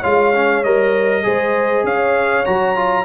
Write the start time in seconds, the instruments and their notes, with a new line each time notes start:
0.00 tuba G#3, trombone F4, horn C#5, trumpet F5
0.35 trombone C#4
0.63 tuba G3, trombone A#4, trumpet D#5
1.23 tuba G#3, trombone G#4, horn C5
1.83 tuba C#4, horn C#5, trumpet F5
2.45 tuba F#3, trombone F#4, trumpet A#5
2.75 trombone F4